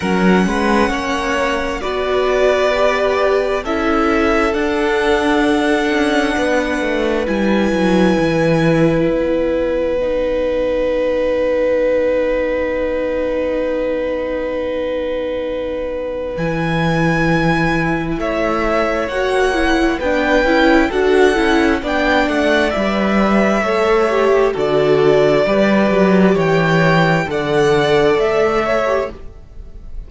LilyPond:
<<
  \new Staff \with { instrumentName = "violin" } { \time 4/4 \tempo 4 = 66 fis''2 d''2 | e''4 fis''2. | gis''2 fis''2~ | fis''1~ |
fis''2 gis''2 | e''4 fis''4 g''4 fis''4 | g''8 fis''8 e''2 d''4~ | d''4 g''4 fis''4 e''4 | }
  \new Staff \with { instrumentName = "violin" } { \time 4/4 ais'8 b'8 cis''4 b'2 | a'2. b'4~ | b'1~ | b'1~ |
b'1 | cis''2 b'4 a'4 | d''2 cis''4 a'4 | b'4 cis''4 d''4. cis''8 | }
  \new Staff \with { instrumentName = "viola" } { \time 4/4 cis'2 fis'4 g'4 | e'4 d'2. | e'2. dis'4~ | dis'1~ |
dis'2 e'2~ | e'4 fis'8 e'8 d'8 e'8 fis'8 e'8 | d'4 b'4 a'8 g'8 fis'4 | g'2 a'4.~ a'16 g'16 | }
  \new Staff \with { instrumentName = "cello" } { \time 4/4 fis8 gis8 ais4 b2 | cis'4 d'4. cis'8 b8 a8 | g8 fis8 e4 b2~ | b1~ |
b2 e2 | a4 ais4 b8 cis'8 d'8 cis'8 | b8 a8 g4 a4 d4 | g8 fis8 e4 d4 a4 | }
>>